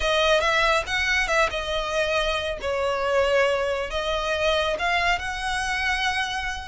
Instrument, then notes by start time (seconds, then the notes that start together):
violin
0.00 D#5
0.40 E5
0.86 F#5
1.27 E5
1.50 D#5
2.61 C#5
3.90 D#5
4.78 F5
5.18 F#5